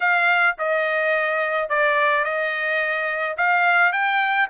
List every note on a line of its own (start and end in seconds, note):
0.00 0.56 F5
0.58 1.69 D#5
1.69 2.24 D5
2.24 3.36 D#5
3.37 3.92 F5
3.92 4.48 G5